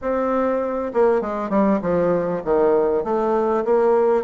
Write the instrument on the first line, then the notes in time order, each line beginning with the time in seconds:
bassoon
0.01 C4
0.93 A#3
1.21 G#3
1.49 G3
1.81 F3
2.44 D#3
3.03 A3
3.64 A#3